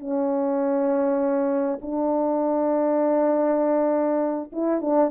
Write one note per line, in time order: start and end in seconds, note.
0.00 1.80 C#4
1.82 4.52 D4
4.53 4.82 E4
4.82 5.11 D4